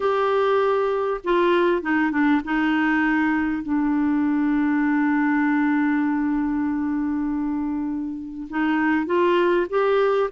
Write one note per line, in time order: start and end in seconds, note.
0.00 1.21 G4
1.24 1.82 F4
1.82 2.10 D#4
2.10 2.41 D4
2.44 3.62 D#4
3.62 8.47 D4
8.49 9.06 D#4
9.06 9.66 F4
9.69 10.30 G4